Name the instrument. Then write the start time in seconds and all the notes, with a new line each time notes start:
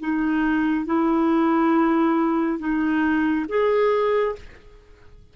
clarinet
0.00 D#4
0.86 E4
2.59 D#4
3.49 G#4